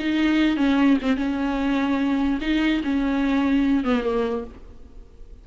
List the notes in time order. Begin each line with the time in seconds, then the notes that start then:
0.00 D#4
0.57 C#4
1.02 C4
1.17 C#4
2.42 D#4
2.84 C#4
3.85 B3
4.04 A#3